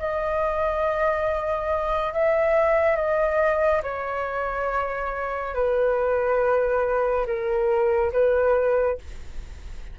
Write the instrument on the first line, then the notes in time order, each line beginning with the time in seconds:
flute
0.00 D#5
2.14 E5
2.96 D#5
3.83 C#5
5.55 B4
7.27 A#4
8.13 B4